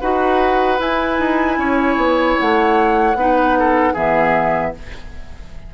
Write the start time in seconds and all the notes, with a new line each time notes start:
0.00 D#4 F#4 B4 F#5
0.78 E4 G#5
1.19 D#4
1.57 C#4 C#5
1.96 B3
2.38 A3 F#5
3.14 B3 D#4 B4
3.58 A4
3.93 E3 B3 G#4 E5